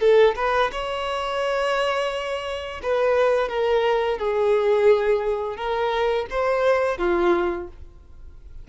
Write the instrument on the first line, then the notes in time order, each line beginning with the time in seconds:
violin
0.00 A4
0.36 B4
0.72 C#5
2.83 B4
3.49 A#4
4.18 G#4
5.56 A#4
6.30 C5
6.98 F4